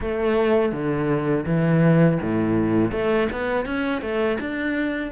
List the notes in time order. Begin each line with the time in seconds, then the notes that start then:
0.00 A3
0.72 D3
1.45 E3
2.21 A2
2.91 A3
3.32 B3
3.65 C#4
4.01 A3
4.40 D4